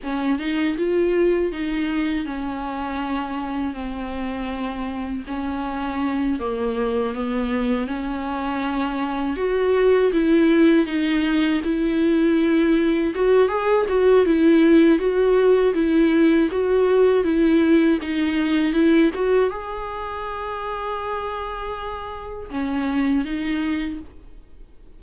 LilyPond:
\new Staff \with { instrumentName = "viola" } { \time 4/4 \tempo 4 = 80 cis'8 dis'8 f'4 dis'4 cis'4~ | cis'4 c'2 cis'4~ | cis'8 ais4 b4 cis'4.~ | cis'8 fis'4 e'4 dis'4 e'8~ |
e'4. fis'8 gis'8 fis'8 e'4 | fis'4 e'4 fis'4 e'4 | dis'4 e'8 fis'8 gis'2~ | gis'2 cis'4 dis'4 | }